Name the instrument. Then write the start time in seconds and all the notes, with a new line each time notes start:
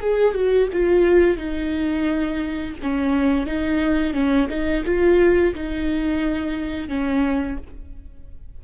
viola
0.00 G#4
0.34 F#4
0.72 F4
1.36 D#4
2.82 C#4
3.46 D#4
4.13 C#4
4.49 D#4
4.85 F4
5.54 D#4
6.88 C#4